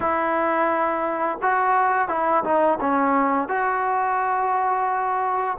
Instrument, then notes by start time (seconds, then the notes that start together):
trombone
0.00 E4
1.42 F#4
2.08 E4
2.44 D#4
2.80 C#4
3.48 F#4